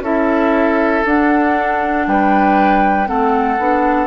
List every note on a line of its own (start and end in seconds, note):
0.00 1.02 C#4
0.00 1.05 E4
0.00 2.07 A4
0.00 1.06 E5
1.06 2.07 D4
1.06 3.07 D4
1.06 2.07 F#5
2.07 3.09 G3
2.07 3.09 B4
2.07 3.08 G5
3.07 3.59 A3
3.07 3.58 C4
3.07 4.07 A4
3.07 4.07 F#5
3.59 4.07 B3
3.59 4.07 D4